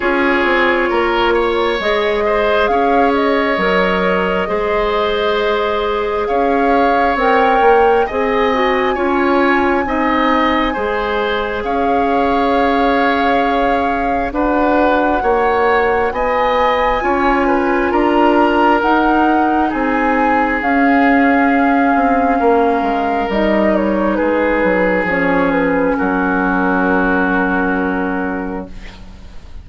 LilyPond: <<
  \new Staff \with { instrumentName = "flute" } { \time 4/4 \tempo 4 = 67 cis''2 dis''4 f''8 dis''8~ | dis''2. f''4 | g''4 gis''2.~ | gis''4 f''2. |
fis''2 gis''2 | ais''4 fis''4 gis''4 f''4~ | f''2 dis''8 cis''8 b'4 | cis''8 b'8 ais'2. | }
  \new Staff \with { instrumentName = "oboe" } { \time 4/4 gis'4 ais'8 cis''4 c''8 cis''4~ | cis''4 c''2 cis''4~ | cis''4 dis''4 cis''4 dis''4 | c''4 cis''2. |
b'4 cis''4 dis''4 cis''8 b'8 | ais'2 gis'2~ | gis'4 ais'2 gis'4~ | gis'4 fis'2. | }
  \new Staff \with { instrumentName = "clarinet" } { \time 4/4 f'2 gis'2 | ais'4 gis'2. | ais'4 gis'8 fis'8 f'4 dis'4 | gis'1 |
fis'2. f'4~ | f'4 dis'2 cis'4~ | cis'2 dis'2 | cis'1 | }
  \new Staff \with { instrumentName = "bassoon" } { \time 4/4 cis'8 c'8 ais4 gis4 cis'4 | fis4 gis2 cis'4 | c'8 ais8 c'4 cis'4 c'4 | gis4 cis'2. |
d'4 ais4 b4 cis'4 | d'4 dis'4 c'4 cis'4~ | cis'8 c'8 ais8 gis8 g4 gis8 fis8 | f4 fis2. | }
>>